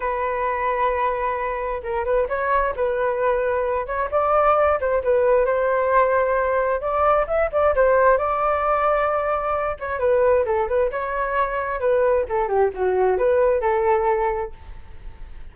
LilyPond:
\new Staff \with { instrumentName = "flute" } { \time 4/4 \tempo 4 = 132 b'1 | ais'8 b'8 cis''4 b'2~ | b'8 cis''8 d''4. c''8 b'4 | c''2. d''4 |
e''8 d''8 c''4 d''2~ | d''4. cis''8 b'4 a'8 b'8 | cis''2 b'4 a'8 g'8 | fis'4 b'4 a'2 | }